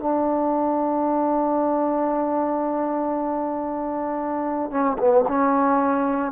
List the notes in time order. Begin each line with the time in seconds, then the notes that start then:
0.00 D4
4.71 C#4
4.99 B3
5.28 C#4